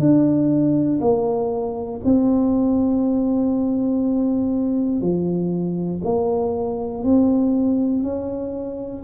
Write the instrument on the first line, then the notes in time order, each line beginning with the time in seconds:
tuba
0.00 D4
1.01 A#3
2.05 C4
5.02 F3
6.05 A#3
7.04 C4
8.04 C#4